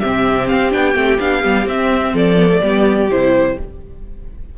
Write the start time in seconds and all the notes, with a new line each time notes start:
0.00 C3 C4 G4 E5
0.48 C4 F5
0.71 B3 D4 G5
0.95 A3 C4
1.19 B3 D4 F5
1.42 G3 B3
1.66 C4 E5
2.14 F3 A4 D5
2.37 B3
2.50 A3
2.62 G3 B3 G4
3.09 C3 E4 C5